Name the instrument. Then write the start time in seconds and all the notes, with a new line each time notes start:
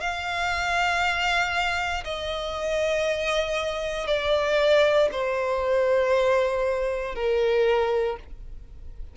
violin
0.00 F5
2.04 D#5
4.07 D5
5.12 C5
7.15 A#4